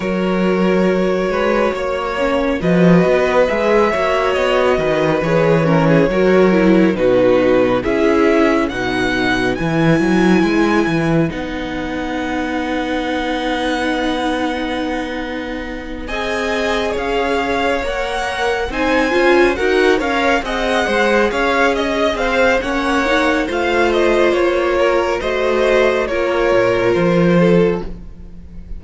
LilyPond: <<
  \new Staff \with { instrumentName = "violin" } { \time 4/4 \tempo 4 = 69 cis''2. dis''4 | e''4 dis''4 cis''2 | b'4 e''4 fis''4 gis''4~ | gis''4 fis''2.~ |
fis''2~ fis''8 gis''4 f''8~ | f''8 fis''4 gis''4 fis''8 f''8 fis''8~ | fis''8 f''8 dis''8 f''8 fis''4 f''8 dis''8 | cis''4 dis''4 cis''4 c''4 | }
  \new Staff \with { instrumentName = "violin" } { \time 4/4 ais'4. b'8 cis''4 b'4~ | b'8 cis''4 b'4 ais'16 gis'16 ais'4 | fis'4 gis'4 b'2~ | b'1~ |
b'2~ b'8 dis''4 cis''8~ | cis''4. c''4 ais'8 cis''8 dis''8 | c''8 cis''8 dis''8 c''8 cis''4 c''4~ | c''8 ais'8 c''4 ais'4. a'8 | }
  \new Staff \with { instrumentName = "viola" } { \time 4/4 fis'2~ fis'8 cis'8 fis'4 | gis'8 fis'4. gis'8 cis'8 fis'8 e'8 | dis'4 e'4 dis'4 e'4~ | e'4 dis'2.~ |
dis'2~ dis'8 gis'4.~ | gis'8 ais'4 dis'8 f'8 fis'8 ais'8 gis'8~ | gis'2 cis'8 dis'8 f'4~ | f'4 fis'4 f'2 | }
  \new Staff \with { instrumentName = "cello" } { \time 4/4 fis4. gis8 ais4 f8 b8 | gis8 ais8 b8 dis8 e4 fis4 | b,4 cis'4 b,4 e8 fis8 | gis8 e8 b2.~ |
b2~ b8 c'4 cis'8~ | cis'8 ais4 c'8 cis'8 dis'8 cis'8 c'8 | gis8 cis'4 c'8 ais4 a4 | ais4 a4 ais8 ais,8 f4 | }
>>